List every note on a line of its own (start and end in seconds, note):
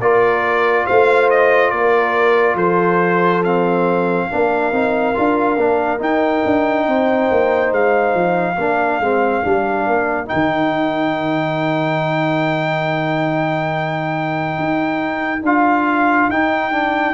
0.00 0.86 A#3
0.00 3.44 F4
0.00 0.86 A#4
0.00 0.86 D5
0.86 1.72 A3
0.86 1.71 C5
0.86 1.29 F5
1.30 1.70 D#5
1.70 2.54 A#3
1.70 2.55 A#4
1.70 2.56 D5
2.54 4.26 F3
2.54 4.27 A4
2.54 3.43 C5
3.43 4.30 C4
3.43 6.00 F5
4.30 4.72 A#3
4.30 4.72 D4
4.30 6.87 A#4
4.72 5.15 C4
4.72 5.14 D#4
5.14 5.57 D4
5.14 5.56 F4
5.57 5.99 A#3
5.57 5.98 D4
5.98 8.55 D#4
5.98 6.42 D#4
5.98 7.73 G5
6.45 6.87 D4
6.87 7.29 C4
6.87 8.56 C5
7.30 7.71 A#3
7.71 8.14 G#3
7.71 10.28 F5
8.14 8.56 F3
8.56 8.99 A#3
8.56 9.01 D4
8.56 17.13 A#4
8.99 9.42 G#3
8.99 9.43 C4
9.43 9.87 G3
9.43 10.25 D4
9.87 10.29 A#3
10.25 15.39 D#4
10.25 15.42 G5
10.33 14.58 D#3
14.58 15.42 D#4
15.42 16.28 D4
15.42 16.31 F4
15.42 16.30 F5
16.28 17.13 D#4
16.28 16.71 D#4
16.28 17.13 G5
16.71 17.13 D4